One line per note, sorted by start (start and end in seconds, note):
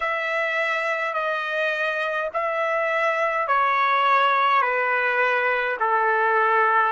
0.00 1.13 E5
1.13 2.29 D#5
2.33 3.47 E5
3.47 4.61 C#5
4.61 5.76 B4
5.80 6.92 A4